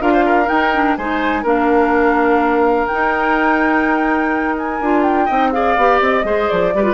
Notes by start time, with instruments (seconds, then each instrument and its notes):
0.00 bassoon D4, clarinet F4, oboe A#4, flute F5
0.12 oboe C5
0.25 oboe A#4
0.45 clarinet D#4, bassoon D#4, flute G5
0.74 clarinet D4
0.97 bassoon G#3, clarinet D#4, oboe C5, flute G#5
1.43 bassoon A#3, clarinet D4, oboe A#4, flute F5
2.87 clarinet D#4, flute G5
2.94 bassoon D#4
4.58 flute G#5
4.80 bassoon D4, clarinet F4
5.03 flute G5
5.25 bassoon C4, clarinet D#4, oboe D#5
5.52 clarinet G#4, oboe D5, flute F5
5.77 bassoon B3, clarinet G4
6.00 bassoon C4, flute D#5
6.24 bassoon G#3, clarinet G#4, oboe C5
6.49 bassoon F3, flute D5
6.74 bassoon G3, clarinet G4, oboe B4
6.83 clarinet F4